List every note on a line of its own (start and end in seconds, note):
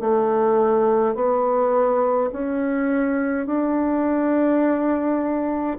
0.00 1.15 A3
1.15 2.30 B3
2.32 3.47 C#4
3.47 5.77 D4